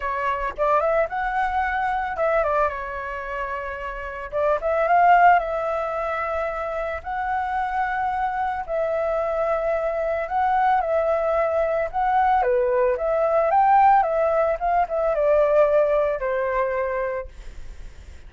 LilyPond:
\new Staff \with { instrumentName = "flute" } { \time 4/4 \tempo 4 = 111 cis''4 d''8 e''8 fis''2 | e''8 d''8 cis''2. | d''8 e''8 f''4 e''2~ | e''4 fis''2. |
e''2. fis''4 | e''2 fis''4 b'4 | e''4 g''4 e''4 f''8 e''8 | d''2 c''2 | }